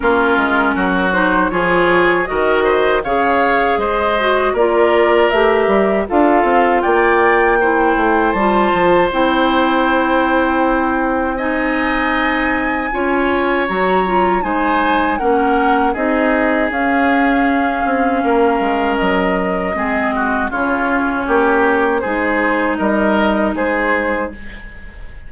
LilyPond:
<<
  \new Staff \with { instrumentName = "flute" } { \time 4/4 \tempo 4 = 79 ais'4. c''8 cis''4 dis''4 | f''4 dis''4 d''4 e''4 | f''4 g''2 a''4 | g''2. gis''4~ |
gis''2 ais''4 gis''4 | fis''4 dis''4 f''2~ | f''4 dis''2 cis''4~ | cis''4 c''4 dis''4 c''4 | }
  \new Staff \with { instrumentName = "oboe" } { \time 4/4 f'4 fis'4 gis'4 ais'8 c''8 | cis''4 c''4 ais'2 | a'4 d''4 c''2~ | c''2. dis''4~ |
dis''4 cis''2 c''4 | ais'4 gis'2. | ais'2 gis'8 fis'8 f'4 | g'4 gis'4 ais'4 gis'4 | }
  \new Staff \with { instrumentName = "clarinet" } { \time 4/4 cis'4. dis'8 f'4 fis'4 | gis'4. fis'8 f'4 g'4 | f'2 e'4 f'4 | e'2. dis'4~ |
dis'4 f'4 fis'8 f'8 dis'4 | cis'4 dis'4 cis'2~ | cis'2 c'4 cis'4~ | cis'4 dis'2. | }
  \new Staff \with { instrumentName = "bassoon" } { \time 4/4 ais8 gis8 fis4 f4 dis4 | cis4 gis4 ais4 a8 g8 | d'8 c'8 ais4. a8 g8 f8 | c'1~ |
c'4 cis'4 fis4 gis4 | ais4 c'4 cis'4. c'8 | ais8 gis8 fis4 gis4 cis4 | ais4 gis4 g4 gis4 | }
>>